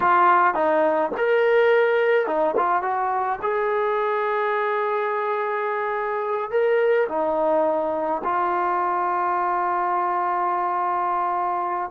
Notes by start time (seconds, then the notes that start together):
0.00 F4
0.54 D#4
1.17 A#4
2.26 D#4
2.56 F4
2.82 F#4
3.42 G#4
6.51 A#4
7.08 D#4
8.24 F4